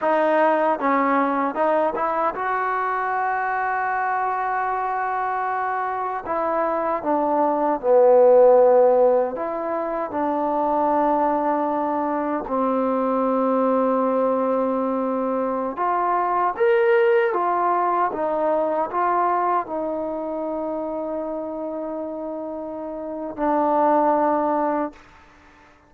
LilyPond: \new Staff \with { instrumentName = "trombone" } { \time 4/4 \tempo 4 = 77 dis'4 cis'4 dis'8 e'8 fis'4~ | fis'1 | e'4 d'4 b2 | e'4 d'2. |
c'1~ | c'16 f'4 ais'4 f'4 dis'8.~ | dis'16 f'4 dis'2~ dis'8.~ | dis'2 d'2 | }